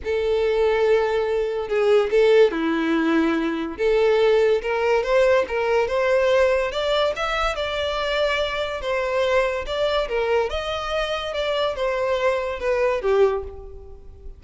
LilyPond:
\new Staff \with { instrumentName = "violin" } { \time 4/4 \tempo 4 = 143 a'1 | gis'4 a'4 e'2~ | e'4 a'2 ais'4 | c''4 ais'4 c''2 |
d''4 e''4 d''2~ | d''4 c''2 d''4 | ais'4 dis''2 d''4 | c''2 b'4 g'4 | }